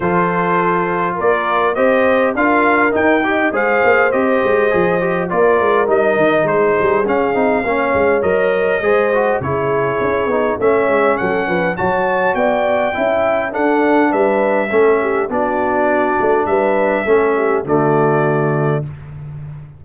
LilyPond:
<<
  \new Staff \with { instrumentName = "trumpet" } { \time 4/4 \tempo 4 = 102 c''2 d''4 dis''4 | f''4 g''4 f''4 dis''4~ | dis''4 d''4 dis''4 c''4 | f''2 dis''2 |
cis''2 e''4 fis''4 | a''4 g''2 fis''4 | e''2 d''2 | e''2 d''2 | }
  \new Staff \with { instrumentName = "horn" } { \time 4/4 a'2 ais'4 c''4 | ais'4. dis''8 c''2~ | c''4 ais'2 gis'4~ | gis'4 cis''2 c''4 |
gis'2 cis''4 a'8 b'8 | cis''4 d''4 e''4 a'4 | b'4 a'8 g'8 fis'2 | b'4 a'8 g'8 fis'2 | }
  \new Staff \with { instrumentName = "trombone" } { \time 4/4 f'2. g'4 | f'4 dis'8 g'8 gis'4 g'4 | gis'8 g'8 f'4 dis'2 | cis'8 dis'8 cis'4 ais'4 gis'8 fis'8 |
e'4. dis'8 cis'2 | fis'2 e'4 d'4~ | d'4 cis'4 d'2~ | d'4 cis'4 a2 | }
  \new Staff \with { instrumentName = "tuba" } { \time 4/4 f2 ais4 c'4 | d'4 dis'4 gis8 ais8 c'8 gis8 | f4 ais8 gis8 g8 dis8 gis8 g8 | cis'8 c'8 ais8 gis8 fis4 gis4 |
cis4 cis'8 b8 a8 gis8 fis8 f8 | fis4 b4 cis'4 d'4 | g4 a4 b4. a8 | g4 a4 d2 | }
>>